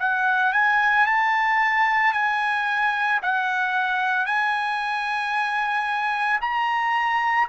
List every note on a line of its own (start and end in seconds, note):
0.00 0.53 F#5
0.53 1.07 G#5
1.07 2.14 A5
2.14 3.21 G#5
3.22 4.26 F#5
4.26 6.40 G#5
6.41 7.49 A#5